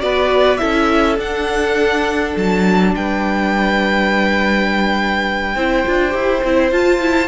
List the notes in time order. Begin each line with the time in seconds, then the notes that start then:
0.00 B3 F#4 B4 D5
0.57 C#4 E4 A4 E5
1.18 D4 F#5
2.36 F#3 A5
2.95 G3 B4 G5
5.55 C4 E4 C5
5.86 D4 F4
6.10 E4 G4
6.44 C4 E4
6.72 F4 A5
7.01 E4